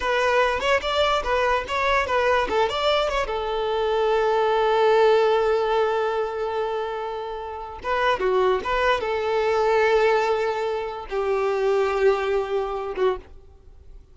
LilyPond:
\new Staff \with { instrumentName = "violin" } { \time 4/4 \tempo 4 = 146 b'4. cis''8 d''4 b'4 | cis''4 b'4 a'8 d''4 cis''8 | a'1~ | a'1~ |
a'2. b'4 | fis'4 b'4 a'2~ | a'2. g'4~ | g'2.~ g'8 fis'8 | }